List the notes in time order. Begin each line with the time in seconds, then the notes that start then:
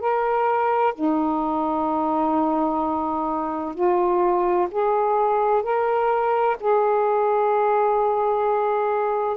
0.00 A#4
0.95 D#4
3.75 F4
4.71 G#4
5.63 A#4
6.61 G#4